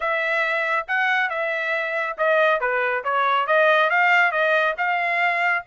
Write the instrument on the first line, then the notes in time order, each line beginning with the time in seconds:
trumpet
0.00 E5
0.87 F#5
1.29 E5
2.17 D#5
2.60 B4
3.04 C#5
3.46 D#5
3.90 F5
4.31 D#5
4.77 F5